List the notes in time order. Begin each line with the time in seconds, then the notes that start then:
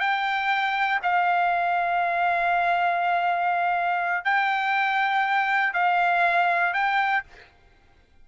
0.00 G5
1.03 F5
4.25 G5
5.74 F5
6.74 G5